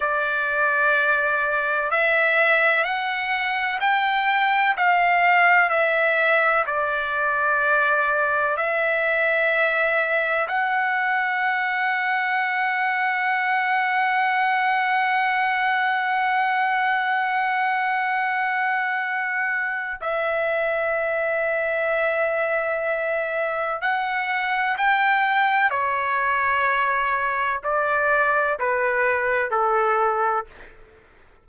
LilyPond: \new Staff \with { instrumentName = "trumpet" } { \time 4/4 \tempo 4 = 63 d''2 e''4 fis''4 | g''4 f''4 e''4 d''4~ | d''4 e''2 fis''4~ | fis''1~ |
fis''1~ | fis''4 e''2.~ | e''4 fis''4 g''4 cis''4~ | cis''4 d''4 b'4 a'4 | }